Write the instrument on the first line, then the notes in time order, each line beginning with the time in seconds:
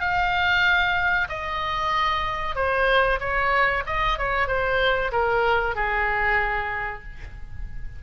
oboe
0.00 F5
1.29 D#5
2.55 C5
3.19 C#5
3.86 D#5
4.18 C#5
4.47 C5
5.12 A#4
5.75 G#4